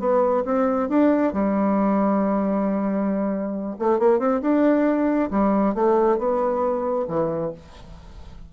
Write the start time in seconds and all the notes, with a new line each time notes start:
0.00 B3
0.45 C4
0.90 D4
1.33 G3
3.79 A3
3.99 A#3
4.20 C4
4.42 D4
5.31 G3
5.75 A3
6.18 B3
7.08 E3